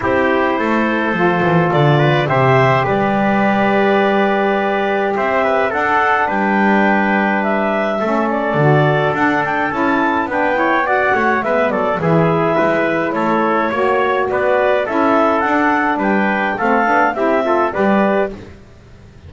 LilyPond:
<<
  \new Staff \with { instrumentName = "clarinet" } { \time 4/4 \tempo 4 = 105 c''2. d''4 | e''4 d''2.~ | d''4 e''4 fis''4 g''4~ | g''4 e''4. d''4. |
fis''8 g''8 a''4 g''4 fis''4 | e''8 d''8 e''2 cis''4~ | cis''4 d''4 e''4 fis''4 | g''4 f''4 e''4 d''4 | }
  \new Staff \with { instrumentName = "trumpet" } { \time 4/4 g'4 a'2~ a'8 b'8 | c''4 b'2.~ | b'4 c''8 b'8 a'4 b'4~ | b'2 a'2~ |
a'2 b'8 cis''8 d''8 cis''8 | b'8 a'8 gis'4 b'4 a'4 | cis''4 b'4 a'2 | b'4 a'4 g'8 a'8 b'4 | }
  \new Staff \with { instrumentName = "saxophone" } { \time 4/4 e'2 f'2 | g'1~ | g'2 d'2~ | d'2 cis'4 fis'4 |
d'4 e'4 d'8 e'8 fis'4 | b4 e'2. | fis'2 e'4 d'4~ | d'4 c'8 d'8 e'8 f'8 g'4 | }
  \new Staff \with { instrumentName = "double bass" } { \time 4/4 c'4 a4 f8 e8 d4 | c4 g2.~ | g4 c'4 d'4 g4~ | g2 a4 d4 |
d'4 cis'4 b4. a8 | gis8 fis8 e4 gis4 a4 | ais4 b4 cis'4 d'4 | g4 a8 b8 c'4 g4 | }
>>